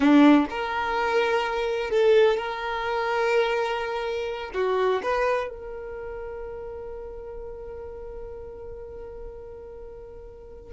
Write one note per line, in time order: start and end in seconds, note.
0.00 0.45 D4
0.50 1.90 A#4
1.90 2.37 A4
2.37 4.51 A#4
4.54 5.01 F#4
5.03 5.49 B4
5.49 10.72 A#4